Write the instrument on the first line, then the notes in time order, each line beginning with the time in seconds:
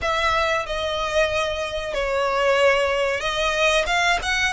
violin
0.01 E5
0.66 D#5
1.94 C#5
3.20 D#5
3.86 F5
4.22 F#5